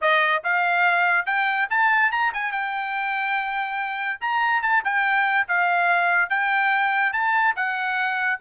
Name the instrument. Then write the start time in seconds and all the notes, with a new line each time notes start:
trumpet
0.01 D#5
0.43 F5
1.26 G5
1.70 A5
2.11 A#5
2.33 G#5
2.52 G5
4.20 A#5
4.62 A5
4.84 G5
5.48 F5
6.29 G5
7.13 A5
7.55 F#5